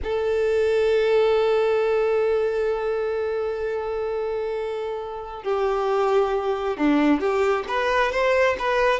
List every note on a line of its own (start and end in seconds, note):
0.03 5.43 A4
5.43 6.77 G4
6.77 7.20 D4
7.20 7.65 G4
7.68 8.11 B4
8.11 8.56 C5
8.58 8.99 B4